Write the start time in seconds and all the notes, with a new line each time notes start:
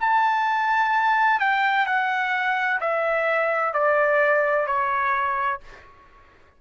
0.00 A5
1.39 G5
1.86 F#5
2.80 E5
3.73 D5
4.66 C#5